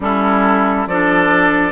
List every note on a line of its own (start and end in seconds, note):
0.00 0.86 G3
0.00 0.87 C#4
0.00 0.89 E4
0.00 0.87 A4
0.87 1.72 F3
0.87 1.72 D4
0.87 1.72 A4
0.87 1.72 D5